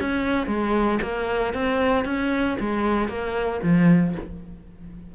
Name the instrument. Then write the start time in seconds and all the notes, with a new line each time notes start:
cello
0.00 C#4
0.47 G#3
1.02 A#3
1.54 C4
2.05 C#4
2.60 G#3
3.09 A#3
3.63 F3